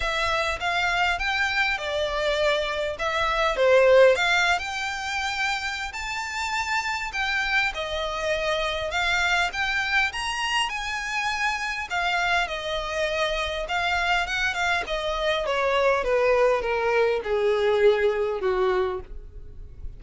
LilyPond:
\new Staff \with { instrumentName = "violin" } { \time 4/4 \tempo 4 = 101 e''4 f''4 g''4 d''4~ | d''4 e''4 c''4 f''8. g''16~ | g''2 a''2 | g''4 dis''2 f''4 |
g''4 ais''4 gis''2 | f''4 dis''2 f''4 | fis''8 f''8 dis''4 cis''4 b'4 | ais'4 gis'2 fis'4 | }